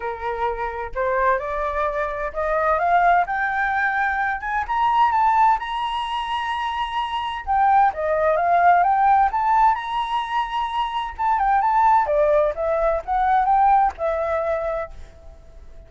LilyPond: \new Staff \with { instrumentName = "flute" } { \time 4/4 \tempo 4 = 129 ais'2 c''4 d''4~ | d''4 dis''4 f''4 g''4~ | g''4. gis''8 ais''4 a''4 | ais''1 |
g''4 dis''4 f''4 g''4 | a''4 ais''2. | a''8 g''8 a''4 d''4 e''4 | fis''4 g''4 e''2 | }